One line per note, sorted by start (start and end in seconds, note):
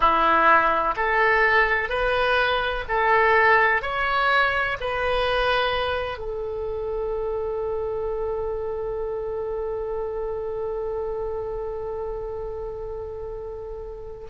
0.00 0.94 E4
0.96 1.89 A4
1.89 2.84 B4
2.88 3.82 A4
3.82 4.77 C#5
4.80 6.17 B4
6.17 14.27 A4